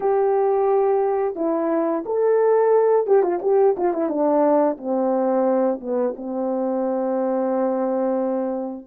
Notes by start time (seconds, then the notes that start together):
0.00 G4
1.35 E4
2.05 A4
3.07 G4
3.22 F4
3.42 G4
3.77 F4
3.93 E4
4.09 D4
4.77 C4
5.80 B3
6.16 C4